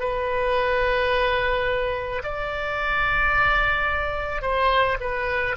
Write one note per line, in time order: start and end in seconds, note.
0.00 2.22 B4
2.23 4.42 D5
4.42 4.97 C5
5.01 5.56 B4